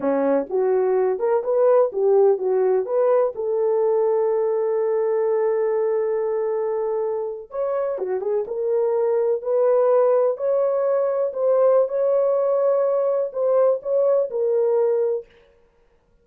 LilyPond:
\new Staff \with { instrumentName = "horn" } { \time 4/4 \tempo 4 = 126 cis'4 fis'4. ais'8 b'4 | g'4 fis'4 b'4 a'4~ | a'1~ | a'2.~ a'8. cis''16~ |
cis''8. fis'8 gis'8 ais'2 b'16~ | b'4.~ b'16 cis''2 c''16~ | c''4 cis''2. | c''4 cis''4 ais'2 | }